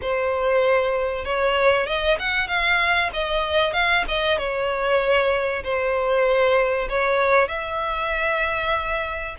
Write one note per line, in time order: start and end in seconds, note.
0.01 1.24 C5
1.24 1.86 C#5
1.86 2.17 D#5
2.19 2.47 F#5
2.47 3.10 F5
3.12 3.73 D#5
3.73 4.04 F5
4.08 4.38 D#5
4.38 5.62 C#5
5.63 6.88 C5
6.89 7.48 C#5
7.48 9.35 E5